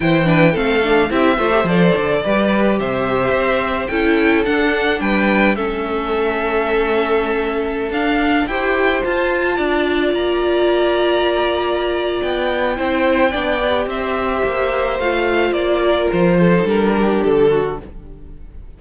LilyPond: <<
  \new Staff \with { instrumentName = "violin" } { \time 4/4 \tempo 4 = 108 g''4 f''4 e''4 d''4~ | d''4 e''2 g''4 | fis''4 g''4 e''2~ | e''2~ e''16 f''4 g''8.~ |
g''16 a''2 ais''4.~ ais''16~ | ais''2 g''2~ | g''4 e''2 f''4 | d''4 c''4 ais'4 a'4 | }
  \new Staff \with { instrumentName = "violin" } { \time 4/4 c''8 b'8 a'4 g'8 c''4. | b'4 c''2 a'4~ | a'4 b'4 a'2~ | a'2.~ a'16 c''8.~ |
c''4~ c''16 d''2~ d''8.~ | d''2. c''4 | d''4 c''2.~ | c''8 ais'4 a'4 g'4 fis'8 | }
  \new Staff \with { instrumentName = "viola" } { \time 4/4 e'8 d'8 c'8 d'8 e'8 f'16 g'16 a'4 | g'2. e'4 | d'2 cis'2~ | cis'2~ cis'16 d'4 g'8.~ |
g'16 f'2.~ f'8.~ | f'2. e'4 | d'8 g'2~ g'8 f'4~ | f'4.~ f'16 dis'16 d'2 | }
  \new Staff \with { instrumentName = "cello" } { \time 4/4 e4 a4 c'8 a8 f8 d8 | g4 c4 c'4 cis'4 | d'4 g4 a2~ | a2~ a16 d'4 e'8.~ |
e'16 f'4 d'4 ais4.~ ais16~ | ais2 b4 c'4 | b4 c'4 ais4 a4 | ais4 f4 g4 d4 | }
>>